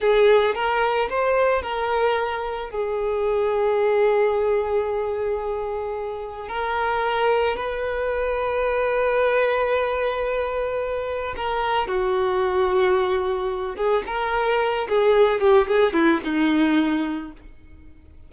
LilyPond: \new Staff \with { instrumentName = "violin" } { \time 4/4 \tempo 4 = 111 gis'4 ais'4 c''4 ais'4~ | ais'4 gis'2.~ | gis'1 | ais'2 b'2~ |
b'1~ | b'4 ais'4 fis'2~ | fis'4. gis'8 ais'4. gis'8~ | gis'8 g'8 gis'8 e'8 dis'2 | }